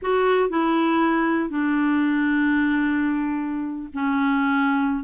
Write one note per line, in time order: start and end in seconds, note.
0.01 0.49 F#4
0.49 1.49 E4
1.49 3.89 D4
3.93 5.04 C#4